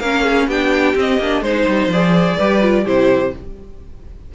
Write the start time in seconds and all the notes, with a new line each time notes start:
0.00 A#3 C#4 A#4 F5
0.24 G#4
0.47 B3 D4 G4 G5
0.95 C4 D#5
1.19 A#3 D4
1.42 G#3 D#4 C5
1.68 G3
1.88 F3 G#4 D5
2.37 G3 G4 B4
2.62 F4
2.85 C3 E4 G4 C5